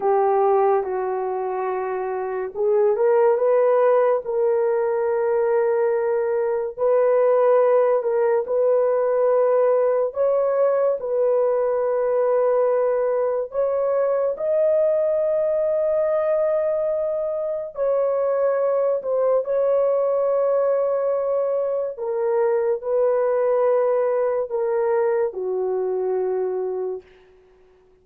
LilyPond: \new Staff \with { instrumentName = "horn" } { \time 4/4 \tempo 4 = 71 g'4 fis'2 gis'8 ais'8 | b'4 ais'2. | b'4. ais'8 b'2 | cis''4 b'2. |
cis''4 dis''2.~ | dis''4 cis''4. c''8 cis''4~ | cis''2 ais'4 b'4~ | b'4 ais'4 fis'2 | }